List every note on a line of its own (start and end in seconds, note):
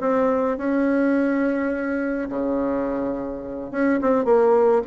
0.00 0.57 C4
0.57 2.29 C#4
2.29 3.71 C#3
3.71 3.99 C#4
4.01 4.24 C4
4.24 4.82 A#3